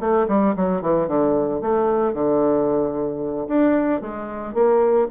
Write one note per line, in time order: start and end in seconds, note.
0.00 0.27 A3
0.28 0.55 G3
0.56 0.82 F#3
0.82 1.08 E3
1.08 1.61 D3
1.61 2.14 A3
2.14 3.48 D3
3.48 4.02 D4
4.02 4.54 G#3
4.54 5.08 A#3